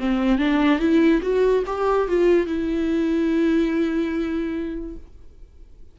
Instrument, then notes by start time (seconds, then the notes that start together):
viola
0.00 C4
0.39 D4
0.79 E4
1.22 F#4
1.67 G4
2.08 F4
2.47 E4